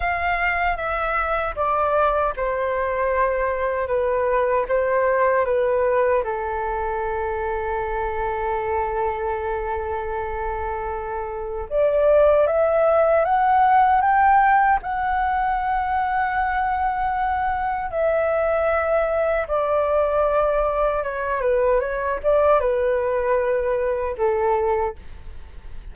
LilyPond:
\new Staff \with { instrumentName = "flute" } { \time 4/4 \tempo 4 = 77 f''4 e''4 d''4 c''4~ | c''4 b'4 c''4 b'4 | a'1~ | a'2. d''4 |
e''4 fis''4 g''4 fis''4~ | fis''2. e''4~ | e''4 d''2 cis''8 b'8 | cis''8 d''8 b'2 a'4 | }